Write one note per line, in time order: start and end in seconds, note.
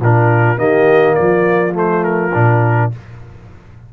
0.00 0.58 A#2
0.00 0.58 D4
0.00 0.58 F4
0.00 0.59 A#4
0.58 1.17 D#3
0.58 1.74 A#3
0.58 1.16 G4
0.58 1.15 D#5
1.15 2.35 F3
1.15 2.92 F4
1.15 1.73 D5
1.74 2.32 A3
1.74 2.04 C5
2.04 2.91 A#4
2.34 2.93 A#2
2.34 2.92 D4